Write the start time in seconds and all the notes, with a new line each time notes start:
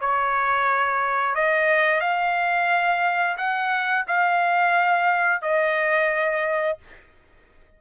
0.00 C#5
1.35 D#5
2.00 F5
3.37 F#5
4.07 F5
5.41 D#5